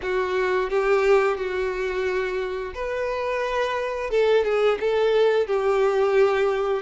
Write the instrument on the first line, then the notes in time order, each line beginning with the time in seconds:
violin
0.02 F#4
0.69 G4
1.37 F#4
2.74 B4
4.10 A4
4.44 G#4
4.79 A4
5.47 G4